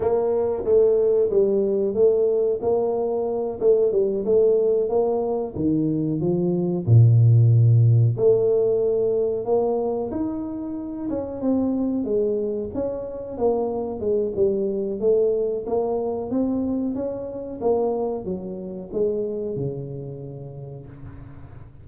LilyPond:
\new Staff \with { instrumentName = "tuba" } { \time 4/4 \tempo 4 = 92 ais4 a4 g4 a4 | ais4. a8 g8 a4 ais8~ | ais8 dis4 f4 ais,4.~ | ais,8 a2 ais4 dis'8~ |
dis'4 cis'8 c'4 gis4 cis'8~ | cis'8 ais4 gis8 g4 a4 | ais4 c'4 cis'4 ais4 | fis4 gis4 cis2 | }